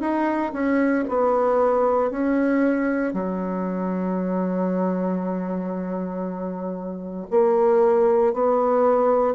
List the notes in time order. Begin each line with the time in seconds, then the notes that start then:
0.00 D#4
0.53 C#4
1.09 B3
2.10 C#4
3.13 F#3
7.30 A#3
8.33 B3